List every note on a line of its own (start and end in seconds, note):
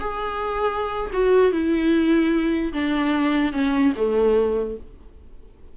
0.00 1.11 G#4
1.13 1.52 F#4
1.52 2.73 E4
2.73 3.53 D4
3.53 3.93 C#4
3.96 4.77 A3